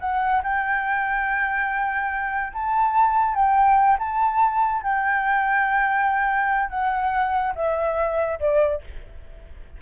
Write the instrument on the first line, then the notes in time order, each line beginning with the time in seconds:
flute
0.00 F#5
0.43 G5
2.53 A5
3.35 G5
3.99 A5
4.82 G5
6.69 F#5
7.55 E5
8.40 D5